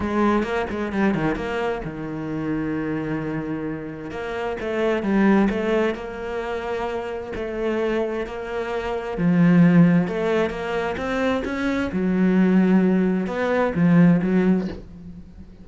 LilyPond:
\new Staff \with { instrumentName = "cello" } { \time 4/4 \tempo 4 = 131 gis4 ais8 gis8 g8 dis8 ais4 | dis1~ | dis4 ais4 a4 g4 | a4 ais2. |
a2 ais2 | f2 a4 ais4 | c'4 cis'4 fis2~ | fis4 b4 f4 fis4 | }